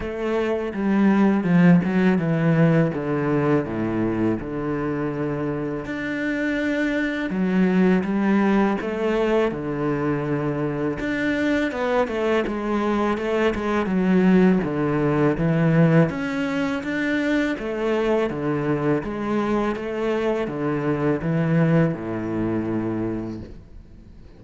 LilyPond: \new Staff \with { instrumentName = "cello" } { \time 4/4 \tempo 4 = 82 a4 g4 f8 fis8 e4 | d4 a,4 d2 | d'2 fis4 g4 | a4 d2 d'4 |
b8 a8 gis4 a8 gis8 fis4 | d4 e4 cis'4 d'4 | a4 d4 gis4 a4 | d4 e4 a,2 | }